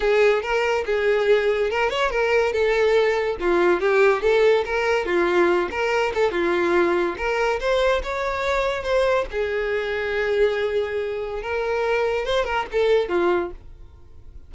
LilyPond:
\new Staff \with { instrumentName = "violin" } { \time 4/4 \tempo 4 = 142 gis'4 ais'4 gis'2 | ais'8 cis''8 ais'4 a'2 | f'4 g'4 a'4 ais'4 | f'4. ais'4 a'8 f'4~ |
f'4 ais'4 c''4 cis''4~ | cis''4 c''4 gis'2~ | gis'2. ais'4~ | ais'4 c''8 ais'8 a'4 f'4 | }